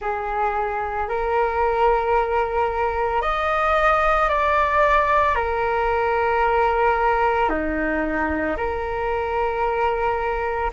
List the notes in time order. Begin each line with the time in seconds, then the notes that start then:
0.00 G#4
1.08 A#4
3.21 D#5
4.29 D5
5.35 A#4
7.49 D#4
8.56 A#4